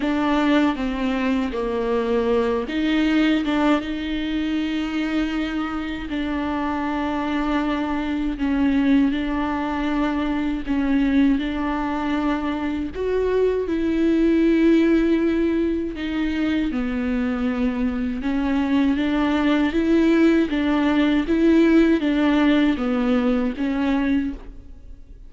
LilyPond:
\new Staff \with { instrumentName = "viola" } { \time 4/4 \tempo 4 = 79 d'4 c'4 ais4. dis'8~ | dis'8 d'8 dis'2. | d'2. cis'4 | d'2 cis'4 d'4~ |
d'4 fis'4 e'2~ | e'4 dis'4 b2 | cis'4 d'4 e'4 d'4 | e'4 d'4 b4 cis'4 | }